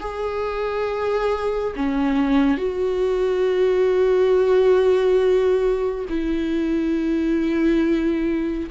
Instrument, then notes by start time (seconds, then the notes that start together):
viola
0.00 G#4
1.76 C#4
2.58 F#4
6.09 E4